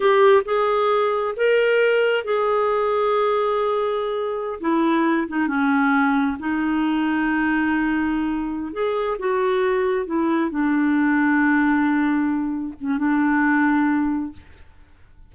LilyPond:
\new Staff \with { instrumentName = "clarinet" } { \time 4/4 \tempo 4 = 134 g'4 gis'2 ais'4~ | ais'4 gis'2.~ | gis'2~ gis'16 e'4. dis'16~ | dis'16 cis'2 dis'4.~ dis'16~ |
dis'2.~ dis'8 gis'8~ | gis'8 fis'2 e'4 d'8~ | d'1~ | d'8 cis'8 d'2. | }